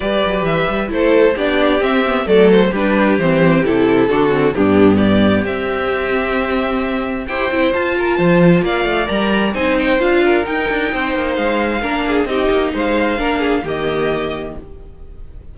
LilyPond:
<<
  \new Staff \with { instrumentName = "violin" } { \time 4/4 \tempo 4 = 132 d''4 e''4 c''4 d''4 | e''4 d''8 c''8 b'4 c''4 | a'2 g'4 d''4 | e''1 |
g''4 a''2 f''4 | ais''4 gis''8 g''8 f''4 g''4~ | g''4 f''2 dis''4 | f''2 dis''2 | }
  \new Staff \with { instrumentName = "violin" } { \time 4/4 b'2 a'4 g'4~ | g'4 a'4 g'2~ | g'4 fis'4 d'4 g'4~ | g'1 |
c''4. ais'8 c''4 d''4~ | d''4 c''4. ais'4. | c''2 ais'8 gis'8 g'4 | c''4 ais'8 gis'8 g'2 | }
  \new Staff \with { instrumentName = "viola" } { \time 4/4 g'2 e'4 d'4 | c'8 b8 a4 d'4 c'4 | e'4 d'8 c'8 b2 | c'1 |
g'8 e'8 f'2. | ais'4 dis'4 f'4 dis'4~ | dis'2 d'4 dis'4~ | dis'4 d'4 ais2 | }
  \new Staff \with { instrumentName = "cello" } { \time 4/4 g8 fis8 e8 g8 a4 b4 | c'4 fis4 g4 e4 | c4 d4 g,2 | c'1 |
e'8 c'8 f'4 f4 ais8 a8 | g4 c'4 d'4 dis'8 d'8 | c'8 ais8 gis4 ais4 c'8 ais8 | gis4 ais4 dis2 | }
>>